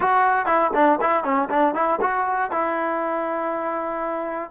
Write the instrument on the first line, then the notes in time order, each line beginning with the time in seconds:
trombone
0.00 F#4
0.45 E4
0.74 D4
1.01 E4
1.23 C#4
1.49 D4
1.74 E4
2.01 F#4
2.51 E4